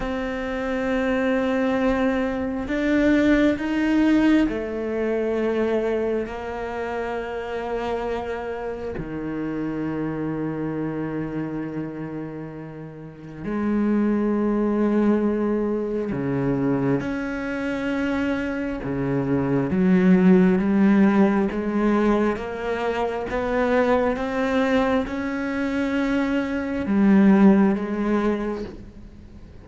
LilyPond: \new Staff \with { instrumentName = "cello" } { \time 4/4 \tempo 4 = 67 c'2. d'4 | dis'4 a2 ais4~ | ais2 dis2~ | dis2. gis4~ |
gis2 cis4 cis'4~ | cis'4 cis4 fis4 g4 | gis4 ais4 b4 c'4 | cis'2 g4 gis4 | }